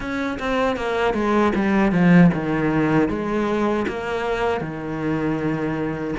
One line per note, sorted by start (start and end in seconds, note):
0.00 0.38 C#4
0.39 0.76 C4
0.76 1.14 A#3
1.14 1.52 G#3
1.55 1.92 G3
1.92 2.30 F3
2.33 3.08 D#3
3.08 3.85 G#3
3.87 4.60 A#3
4.60 6.14 D#3